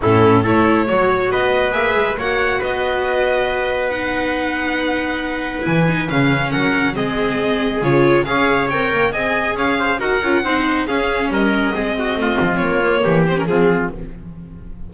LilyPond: <<
  \new Staff \with { instrumentName = "violin" } { \time 4/4 \tempo 4 = 138 a'4 cis''2 dis''4 | e''4 fis''4 dis''2~ | dis''4 fis''2.~ | fis''4 gis''4 f''4 fis''4 |
dis''2 cis''4 f''4 | g''4 gis''4 f''4 fis''4~ | fis''4 f''4 dis''2~ | dis''4 cis''4. c''16 ais'16 gis'4 | }
  \new Staff \with { instrumentName = "trumpet" } { \time 4/4 e'4 a'4 cis''4 b'4~ | b'4 cis''4 b'2~ | b'1~ | b'2. ais'4 |
gis'2. cis''4~ | cis''4 dis''4 cis''8 c''8 ais'4 | c''4 gis'4 ais'4 gis'8 fis'8 | f'2 g'4 f'4 | }
  \new Staff \with { instrumentName = "viola" } { \time 4/4 cis'4 e'4 fis'2 | gis'4 fis'2.~ | fis'4 dis'2.~ | dis'4 e'8 dis'8 cis'2 |
c'2 f'4 gis'4 | ais'4 gis'2 fis'8 f'8 | dis'4 cis'2 c'4~ | c'4. ais4 c'16 cis'16 c'4 | }
  \new Staff \with { instrumentName = "double bass" } { \time 4/4 a,4 a4 fis4 b4 | ais8 gis8 ais4 b2~ | b1~ | b4 e4 cis4 fis4 |
gis2 cis4 cis'4 | c'8 ais8 c'4 cis'4 dis'8 cis'8 | c'4 cis'4 g4 gis4 | a8 f8 ais4 e4 f4 | }
>>